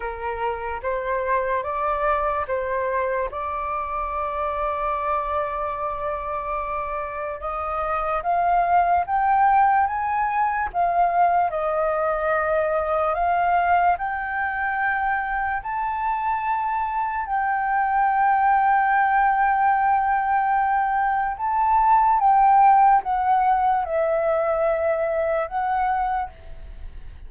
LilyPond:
\new Staff \with { instrumentName = "flute" } { \time 4/4 \tempo 4 = 73 ais'4 c''4 d''4 c''4 | d''1~ | d''4 dis''4 f''4 g''4 | gis''4 f''4 dis''2 |
f''4 g''2 a''4~ | a''4 g''2.~ | g''2 a''4 g''4 | fis''4 e''2 fis''4 | }